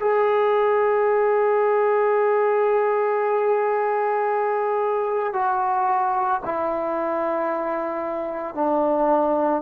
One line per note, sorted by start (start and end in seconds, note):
0.00 5.33 G#4
5.33 6.40 F#4
6.45 8.55 E4
8.55 9.62 D4